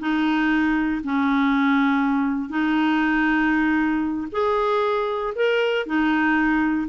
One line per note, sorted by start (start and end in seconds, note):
0.00 1.02 D#4
1.04 2.49 C#4
2.49 4.27 D#4
4.32 5.34 G#4
5.35 5.86 A#4
5.86 6.88 D#4